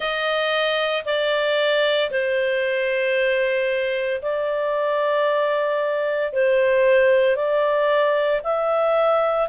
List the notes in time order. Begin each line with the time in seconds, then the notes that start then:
0.00 D#5
1.05 D5
2.11 C5
4.22 D5
6.32 C5
7.35 D5
8.43 E5